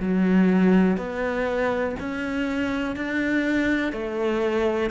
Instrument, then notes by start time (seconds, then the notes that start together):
cello
0.00 F#3
0.97 B3
2.00 C#4
2.96 D4
3.93 A3